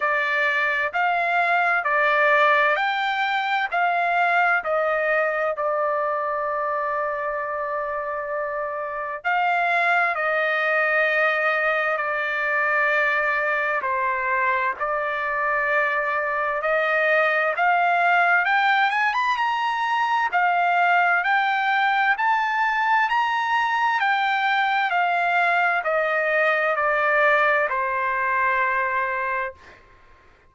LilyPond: \new Staff \with { instrumentName = "trumpet" } { \time 4/4 \tempo 4 = 65 d''4 f''4 d''4 g''4 | f''4 dis''4 d''2~ | d''2 f''4 dis''4~ | dis''4 d''2 c''4 |
d''2 dis''4 f''4 | g''8 gis''16 b''16 ais''4 f''4 g''4 | a''4 ais''4 g''4 f''4 | dis''4 d''4 c''2 | }